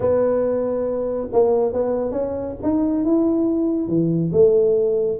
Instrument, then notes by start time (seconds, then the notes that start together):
tuba
0.00 B3
1.32 A#3
1.72 B3
2.11 C#4
2.62 D#4
3.04 E4
3.88 E3
4.32 A3